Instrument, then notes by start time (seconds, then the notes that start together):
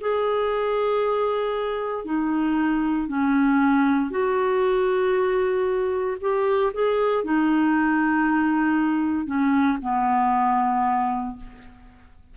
clarinet
0.00 G#4
2.05 D#4
3.08 C#4
4.10 F#4
6.21 G4
6.73 G#4
7.24 D#4
9.26 C#4
9.81 B3